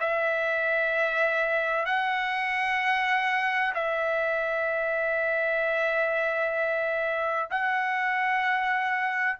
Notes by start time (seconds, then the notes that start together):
0.00 E5
1.86 F#5
3.74 E5
7.50 F#5